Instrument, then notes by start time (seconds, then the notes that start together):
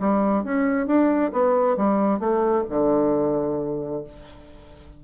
bassoon
0.00 G3
0.44 C#4
0.86 D4
1.32 B3
1.77 G3
2.20 A3
2.70 D3